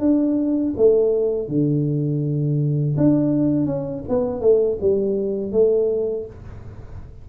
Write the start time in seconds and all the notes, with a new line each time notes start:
0.00 D4
0.77 A3
1.48 D3
2.98 D4
3.66 C#4
4.09 B3
4.41 A3
4.81 G3
5.52 A3